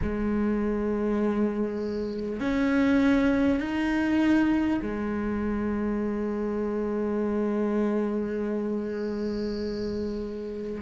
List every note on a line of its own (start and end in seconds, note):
0.02 2.40 G#3
2.40 3.60 C#4
3.60 4.80 D#4
4.82 10.81 G#3